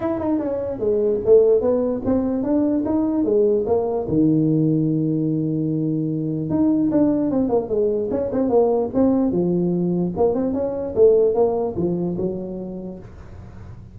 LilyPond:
\new Staff \with { instrumentName = "tuba" } { \time 4/4 \tempo 4 = 148 e'8 dis'8 cis'4 gis4 a4 | b4 c'4 d'4 dis'4 | gis4 ais4 dis2~ | dis1 |
dis'4 d'4 c'8 ais8 gis4 | cis'8 c'8 ais4 c'4 f4~ | f4 ais8 c'8 cis'4 a4 | ais4 f4 fis2 | }